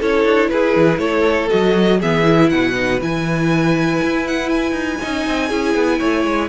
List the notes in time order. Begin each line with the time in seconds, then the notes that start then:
0.00 C#4 E4 A4 C#5
0.25 D4
0.50 E4 G#4 B4
0.76 E3
0.99 A3 A4 C#5
1.49 F#3 F#4 D#5
1.99 E3 B3 G#4 E5
2.24 E4
2.50 B2 B4 F#5
2.75 D#4
3.01 E3 E4 G#5
4.03 E4
4.28 F#5
4.50 G#5
4.72 D#4
5.01 C#4 D#4 D#5
5.27 C4
5.49 C#4 E4 G#4
5.75 B3
5.99 A3 C#5
6.26 G#3